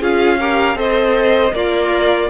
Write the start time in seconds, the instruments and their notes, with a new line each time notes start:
0.00 cello C#4, viola F4, violin G#4 F5
0.39 viola G4, violin A#4
0.75 cello C4, viola A4, violin C5 D#5
1.53 cello A#3, violin F4 D5, viola A#4